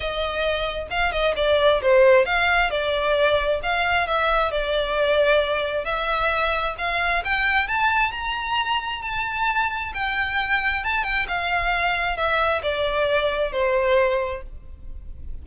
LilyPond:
\new Staff \with { instrumentName = "violin" } { \time 4/4 \tempo 4 = 133 dis''2 f''8 dis''8 d''4 | c''4 f''4 d''2 | f''4 e''4 d''2~ | d''4 e''2 f''4 |
g''4 a''4 ais''2 | a''2 g''2 | a''8 g''8 f''2 e''4 | d''2 c''2 | }